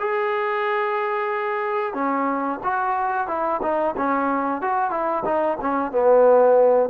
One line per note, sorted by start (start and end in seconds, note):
0.00 1.94 G#4
1.94 2.60 C#4
2.64 3.28 F#4
3.28 3.61 E4
3.62 3.95 D#4
3.97 4.62 C#4
4.62 4.91 F#4
4.91 5.24 E4
5.25 5.58 D#4
5.61 5.92 C#4
5.92 6.90 B3